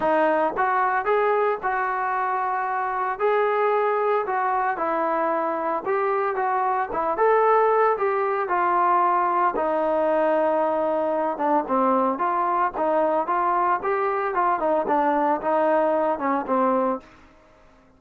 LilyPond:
\new Staff \with { instrumentName = "trombone" } { \time 4/4 \tempo 4 = 113 dis'4 fis'4 gis'4 fis'4~ | fis'2 gis'2 | fis'4 e'2 g'4 | fis'4 e'8 a'4. g'4 |
f'2 dis'2~ | dis'4. d'8 c'4 f'4 | dis'4 f'4 g'4 f'8 dis'8 | d'4 dis'4. cis'8 c'4 | }